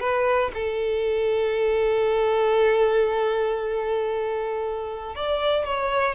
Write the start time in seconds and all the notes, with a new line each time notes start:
0.00 B4
0.54 A4
5.15 D5
5.65 C#5